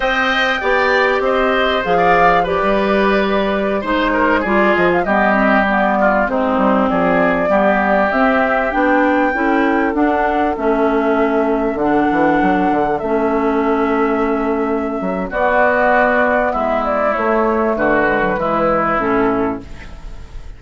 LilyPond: <<
  \new Staff \with { instrumentName = "flute" } { \time 4/4 \tempo 4 = 98 g''2 dis''4 f''4 | d''2~ d''16 c''4 d''8 dis''16 | f''16 dis''4 d''4 c''4 d''8.~ | d''4~ d''16 e''4 g''4.~ g''16~ |
g''16 fis''4 e''2 fis''8.~ | fis''4~ fis''16 e''2~ e''8.~ | e''4 d''2 e''8 d''8 | cis''4 b'2 a'4 | }
  \new Staff \with { instrumentName = "oboe" } { \time 4/4 dis''4 d''4 c''4~ c''16 d''8. | b'2~ b'16 c''8 ais'8 gis'8.~ | gis'16 g'4. f'8 dis'4 gis'8.~ | gis'16 g'2. a'8.~ |
a'1~ | a'1~ | a'4 fis'2 e'4~ | e'4 fis'4 e'2 | }
  \new Staff \with { instrumentName = "clarinet" } { \time 4/4 c''4 g'2 gis'4 | g'2~ g'16 dis'4 f'8.~ | f'16 b8 c'8 b4 c'4.~ c'16~ | c'16 b4 c'4 d'4 e'8.~ |
e'16 d'4 cis'2 d'8.~ | d'4~ d'16 cis'2~ cis'8.~ | cis'4 b2. | a4. gis16 fis16 gis4 cis'4 | }
  \new Staff \with { instrumentName = "bassoon" } { \time 4/4 c'4 b4 c'4 f4~ | f16 g2 gis4 g8 f16~ | f16 g2 gis8 g8 f8.~ | f16 g4 c'4 b4 cis'8.~ |
cis'16 d'4 a2 d8 e16~ | e16 fis8 d8 a2~ a8.~ | a8 fis8 b2 gis4 | a4 d4 e4 a,4 | }
>>